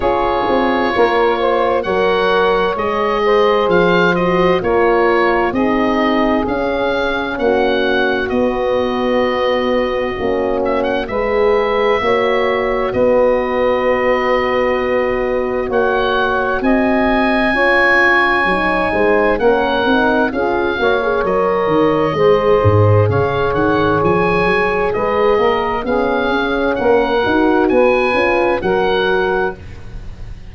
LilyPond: <<
  \new Staff \with { instrumentName = "oboe" } { \time 4/4 \tempo 4 = 65 cis''2 fis''4 dis''4 | f''8 dis''8 cis''4 dis''4 f''4 | fis''4 dis''2~ dis''8 e''16 fis''16 | e''2 dis''2~ |
dis''4 fis''4 gis''2~ | gis''4 fis''4 f''4 dis''4~ | dis''4 f''8 fis''8 gis''4 dis''4 | f''4 fis''4 gis''4 fis''4 | }
  \new Staff \with { instrumentName = "saxophone" } { \time 4/4 gis'4 ais'8 c''8 cis''4. c''8~ | c''4 ais'4 gis'2 | fis'1 | b'4 cis''4 b'2~ |
b'4 cis''4 dis''4 cis''4~ | cis''8 c''8 ais'4 gis'8 cis''4. | c''4 cis''2 b'8 ais'8 | gis'4 ais'4 b'4 ais'4 | }
  \new Staff \with { instrumentName = "horn" } { \time 4/4 f'2 ais'4 gis'4~ | gis'8 fis'8 f'4 dis'4 cis'4~ | cis'4 b2 cis'4 | gis'4 fis'2.~ |
fis'2. f'4 | dis'4 cis'8 dis'8 f'8 fis'16 gis'16 ais'4 | gis'1 | cis'4. fis'4 f'8 fis'4 | }
  \new Staff \with { instrumentName = "tuba" } { \time 4/4 cis'8 c'8 ais4 fis4 gis4 | f4 ais4 c'4 cis'4 | ais4 b2 ais4 | gis4 ais4 b2~ |
b4 ais4 c'4 cis'4 | fis8 gis8 ais8 c'8 cis'8 ais8 fis8 dis8 | gis8 gis,8 cis8 dis8 f8 fis8 gis8 ais8 | b8 cis'8 ais8 dis'8 b8 cis'8 fis4 | }
>>